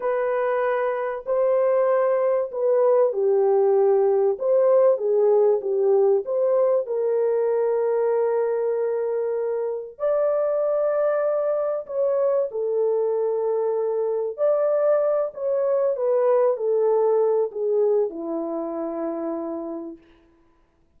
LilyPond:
\new Staff \with { instrumentName = "horn" } { \time 4/4 \tempo 4 = 96 b'2 c''2 | b'4 g'2 c''4 | gis'4 g'4 c''4 ais'4~ | ais'1 |
d''2. cis''4 | a'2. d''4~ | d''8 cis''4 b'4 a'4. | gis'4 e'2. | }